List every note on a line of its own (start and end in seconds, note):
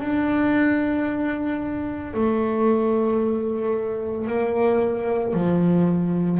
0.00 2.14 D4
2.14 4.27 A3
4.27 5.34 A#3
5.34 6.40 F3